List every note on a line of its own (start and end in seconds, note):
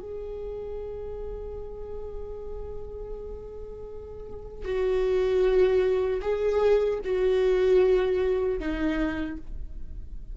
0.00 4.65 G#4
4.65 6.21 F#4
6.22 7.00 G#4
7.05 8.60 F#4
8.60 9.38 D#4